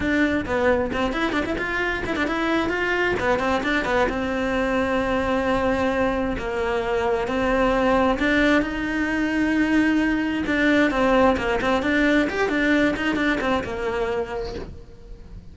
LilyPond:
\new Staff \with { instrumentName = "cello" } { \time 4/4 \tempo 4 = 132 d'4 b4 c'8 e'8 d'16 e'16 f'8~ | f'8 e'16 d'16 e'4 f'4 b8 c'8 | d'8 b8 c'2.~ | c'2 ais2 |
c'2 d'4 dis'4~ | dis'2. d'4 | c'4 ais8 c'8 d'4 g'8 d'8~ | d'8 dis'8 d'8 c'8 ais2 | }